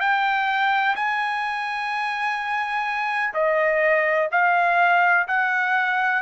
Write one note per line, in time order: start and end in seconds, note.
0.00 0.95 G5
0.95 3.33 G#5
3.34 4.29 D#5
4.32 5.27 F5
5.28 6.22 F#5